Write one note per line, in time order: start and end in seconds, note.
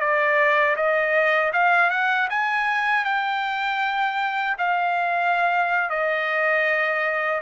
0.00 0.76 D5
0.76 1.52 D#5
1.53 1.90 F5
1.90 2.28 F#5
2.30 3.05 G#5
3.05 4.57 G5
4.58 5.90 F5
5.90 7.42 D#5